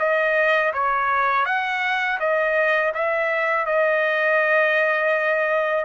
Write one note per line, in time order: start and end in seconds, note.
0.00 0.73 D#5
0.74 1.46 C#5
1.46 2.19 F#5
2.20 2.93 D#5
2.95 3.67 E5
3.67 5.85 D#5